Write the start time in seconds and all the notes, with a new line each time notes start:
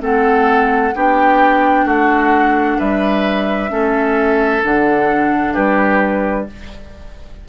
0.00 A3 C4 A4 F#5
0.95 B3 D4 G4 G5
1.85 A3 F#4 F#5
2.78 G3 B4 E5
3.69 A3 C#4 A4
4.62 D3 D4 F#5
5.53 G3 G4 B4